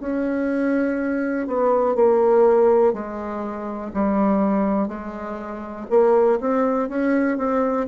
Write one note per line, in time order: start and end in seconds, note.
0.00 1.47 C#4
1.47 1.95 B3
1.95 2.93 A#3
2.93 3.91 G#3
3.93 4.88 G3
4.88 5.86 G#3
5.90 6.39 A#3
6.40 6.89 C4
6.89 7.37 C#4
7.37 7.86 C4